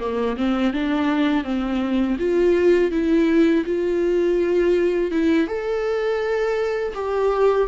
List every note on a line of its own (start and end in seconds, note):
0.00 0.37 A#3
0.37 0.73 C4
0.74 1.44 D4
1.44 2.17 C4
2.19 2.91 F4
2.91 3.65 E4
3.66 5.12 F4
5.12 5.47 E4
5.47 6.93 A4
6.94 7.68 G4